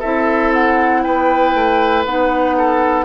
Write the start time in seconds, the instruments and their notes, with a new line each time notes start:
0.00 bassoon C4, clarinet E4, oboe A4, flute E5
0.54 flute F#5
1.03 bassoon B3, oboe B4, flute G5
1.55 bassoon A3
2.06 bassoon B3, clarinet D#4, flute F#5
2.58 oboe A4